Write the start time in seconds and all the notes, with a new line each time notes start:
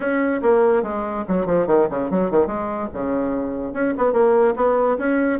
0.00 C#4
0.41 A#3
0.82 G#3
1.27 F#3
1.46 F3
1.67 D#3
1.90 C#3
2.10 F#3
2.30 D#3
2.46 G#3
2.93 C#3
3.73 C#4
3.97 B3
4.12 A#3
4.55 B3
4.98 C#4